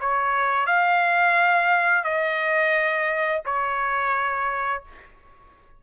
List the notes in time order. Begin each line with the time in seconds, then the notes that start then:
0.00 C#5
0.66 F5
2.03 D#5
3.45 C#5